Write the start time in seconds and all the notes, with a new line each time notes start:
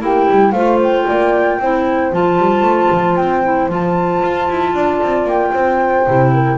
0.00 A#3 E4 G4 G5
0.30 G3
0.52 A3 F4 C5 F5
0.83 G5
1.07 A#3 D5
1.59 C4 E4 C5
2.12 F3 F4 A5
2.38 G3
2.62 A3
2.91 F3
3.17 C4 G5
3.44 E4
3.68 F3 F4 A5
4.22 F4
4.50 E4
4.74 D4 D5
5.02 C4
5.24 A#3 G5
5.53 C4 C5
6.07 C3 E4
6.33 A#4